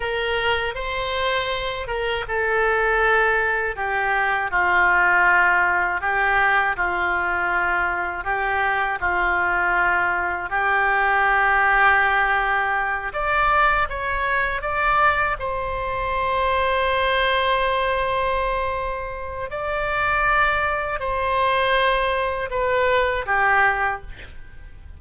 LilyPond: \new Staff \with { instrumentName = "oboe" } { \time 4/4 \tempo 4 = 80 ais'4 c''4. ais'8 a'4~ | a'4 g'4 f'2 | g'4 f'2 g'4 | f'2 g'2~ |
g'4. d''4 cis''4 d''8~ | d''8 c''2.~ c''8~ | c''2 d''2 | c''2 b'4 g'4 | }